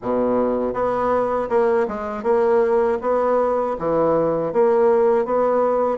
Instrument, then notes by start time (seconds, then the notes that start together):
bassoon
0.02 B2
0.73 B3
1.49 A#3
1.88 G#3
2.23 A#3
3.01 B3
3.78 E3
4.52 A#3
5.25 B3